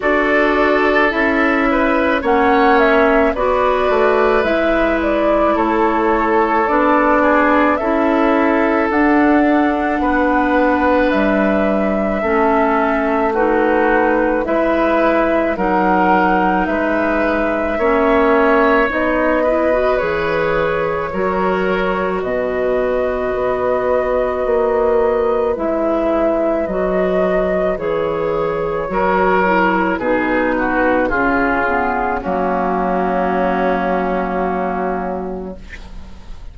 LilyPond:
<<
  \new Staff \with { instrumentName = "flute" } { \time 4/4 \tempo 4 = 54 d''4 e''4 fis''8 e''8 d''4 | e''8 d''8 cis''4 d''4 e''4 | fis''2 e''2 | b'4 e''4 fis''4 e''4~ |
e''4 dis''4 cis''2 | dis''2. e''4 | dis''4 cis''2 b'4 | gis'4 fis'2. | }
  \new Staff \with { instrumentName = "oboe" } { \time 4/4 a'4. b'8 cis''4 b'4~ | b'4 a'4. gis'8 a'4~ | a'4 b'2 a'4 | fis'4 b'4 ais'4 b'4 |
cis''4. b'4. ais'4 | b'1~ | b'2 ais'4 gis'8 fis'8 | f'4 cis'2. | }
  \new Staff \with { instrumentName = "clarinet" } { \time 4/4 fis'4 e'4 cis'4 fis'4 | e'2 d'4 e'4 | d'2. cis'4 | dis'4 e'4 dis'2 |
cis'4 dis'8 e'16 fis'16 gis'4 fis'4~ | fis'2. e'4 | fis'4 gis'4 fis'8 e'8 dis'4 | cis'8 b8 ais2. | }
  \new Staff \with { instrumentName = "bassoon" } { \time 4/4 d'4 cis'4 ais4 b8 a8 | gis4 a4 b4 cis'4 | d'4 b4 g4 a4~ | a4 gis4 fis4 gis4 |
ais4 b4 e4 fis4 | b,4 b4 ais4 gis4 | fis4 e4 fis4 b,4 | cis4 fis2. | }
>>